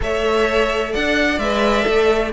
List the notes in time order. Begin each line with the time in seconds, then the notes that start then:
0.00 A3 A4 C#5 E5
0.92 D4 D5 F#5
1.38 G#3 B4 E5
1.82 A3 A4